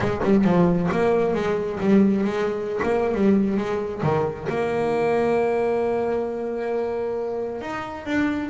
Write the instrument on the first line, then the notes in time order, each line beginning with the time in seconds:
double bass
0.00 G#3
0.23 G3
0.44 F3
0.91 A#3
1.34 G#3
1.80 G3
2.24 G#3
2.82 A#3
3.14 G3
3.57 G#3
4.02 D#3
4.49 A#3
7.61 D#4
8.05 D4